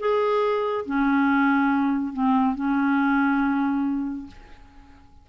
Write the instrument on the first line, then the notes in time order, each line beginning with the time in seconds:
clarinet
0.00 G#4
0.86 C#4
2.14 C4
2.56 C#4